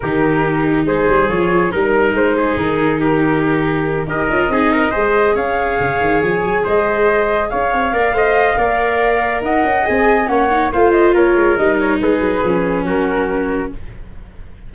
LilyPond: <<
  \new Staff \with { instrumentName = "flute" } { \time 4/4 \tempo 4 = 140 ais'2 c''4 cis''4 | ais'4 c''4 ais'2~ | ais'4. dis''2~ dis''8~ | dis''8 f''2 gis''4 dis''8~ |
dis''4. f''2~ f''8~ | f''2 fis''4 gis''4 | fis''4 f''8 dis''8 cis''4 dis''8 cis''8 | b'2 ais'2 | }
  \new Staff \with { instrumentName = "trumpet" } { \time 4/4 g'2 gis'2 | ais'4. gis'4. g'4~ | g'4. ais'4 gis'8 ais'8 c''8~ | c''8 cis''2. c''8~ |
c''4. cis''4 d''8 dis''4 | d''2 dis''2 | cis''4 c''4 ais'2 | gis'2 fis'2 | }
  \new Staff \with { instrumentName = "viola" } { \time 4/4 dis'2. f'4 | dis'1~ | dis'4. g'8 f'8 dis'4 gis'8~ | gis'1~ |
gis'2~ gis'8 ais'8 c''4 | ais'2. gis'4 | cis'8 dis'8 f'2 dis'4~ | dis'4 cis'2. | }
  \new Staff \with { instrumentName = "tuba" } { \time 4/4 dis2 gis8 g8 f4 | g4 gis4 dis2~ | dis4. dis'8 cis'8 c'4 gis8~ | gis8 cis'4 cis8 dis8 f8 fis8 gis8~ |
gis4. cis'8 c'8 ais8 a4 | ais2 dis'8 cis'8 c'4 | ais4 a4 ais8 gis8 g4 | gis8 fis8 f4 fis2 | }
>>